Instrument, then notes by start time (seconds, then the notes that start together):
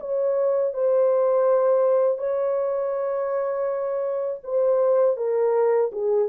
horn
0.00 C#5
0.73 C5
2.18 C#5
4.43 C5
5.16 A#4
5.92 G#4